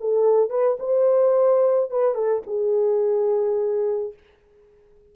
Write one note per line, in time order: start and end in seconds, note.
0.00 0.49 A4
0.49 0.77 B4
0.79 1.90 C5
1.90 2.14 B4
2.14 2.42 A4
2.46 4.13 G#4